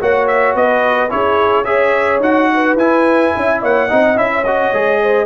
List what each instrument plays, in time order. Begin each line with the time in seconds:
0.00 tuba A#3, trombone F#4, horn C#5, trumpet F#5
0.27 trumpet E5
0.54 tuba B3, horn B4, trumpet D#5
1.09 tuba C#4, trombone E4, horn G#4, trumpet C#5
1.64 trombone G#4, horn C#5, trumpet E5
2.20 tuba D#4, trombone F#4, trumpet F#5
2.53 horn B4
2.75 tuba E4, trombone E4, trumpet G#5
3.35 tuba C#4, horn E5
3.62 tuba A#3, horn C#5, trumpet F#5
3.87 tuba C4, trombone D#4, horn D#5
4.16 tuba C#4, trombone E4, trumpet E5
4.32 horn C#5
4.44 trombone F#4, trumpet D#5
4.73 tuba G#3, trombone G#4
5.02 horn C5